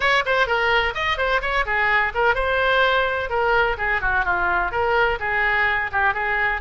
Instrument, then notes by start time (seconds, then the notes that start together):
oboe
0.00 C#5
0.25 C5
0.46 A#4
0.94 D#5
1.17 C5
1.41 C#5
1.65 G#4
2.14 A#4
2.35 C5
3.29 A#4
3.77 G#4
4.01 F#4
4.24 F4
4.71 A#4
5.19 G#4
5.91 G4
6.14 G#4